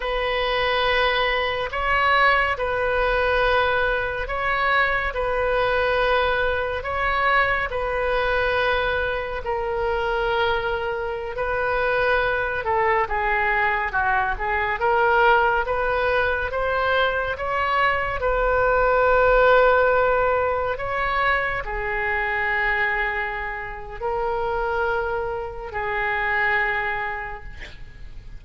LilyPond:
\new Staff \with { instrumentName = "oboe" } { \time 4/4 \tempo 4 = 70 b'2 cis''4 b'4~ | b'4 cis''4 b'2 | cis''4 b'2 ais'4~ | ais'4~ ais'16 b'4. a'8 gis'8.~ |
gis'16 fis'8 gis'8 ais'4 b'4 c''8.~ | c''16 cis''4 b'2~ b'8.~ | b'16 cis''4 gis'2~ gis'8. | ais'2 gis'2 | }